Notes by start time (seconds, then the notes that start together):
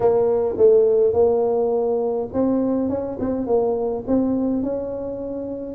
0.00 A#3
0.57 A3
1.13 A#3
2.33 C4
2.89 C#4
3.19 C4
3.46 A#3
4.07 C4
4.62 C#4